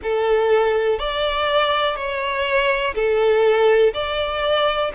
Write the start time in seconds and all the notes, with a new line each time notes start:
0.02 A4
0.98 D5
1.95 C#5
2.94 A4
3.93 D5